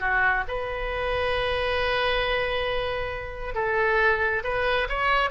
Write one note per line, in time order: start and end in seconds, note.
0.00 0.44 F#4
0.48 3.55 B4
3.55 4.43 A4
4.44 4.88 B4
4.89 5.31 C#5